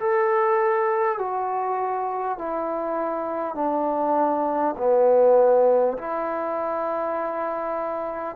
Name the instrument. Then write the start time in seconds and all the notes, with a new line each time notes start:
trombone
0.00 A4
1.19 F#4
2.38 E4
3.56 D4
4.78 B3
5.98 E4